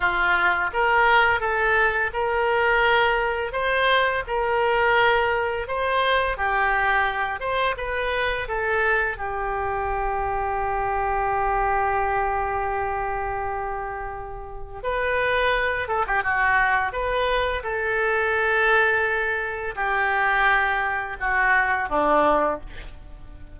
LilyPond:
\new Staff \with { instrumentName = "oboe" } { \time 4/4 \tempo 4 = 85 f'4 ais'4 a'4 ais'4~ | ais'4 c''4 ais'2 | c''4 g'4. c''8 b'4 | a'4 g'2.~ |
g'1~ | g'4 b'4. a'16 g'16 fis'4 | b'4 a'2. | g'2 fis'4 d'4 | }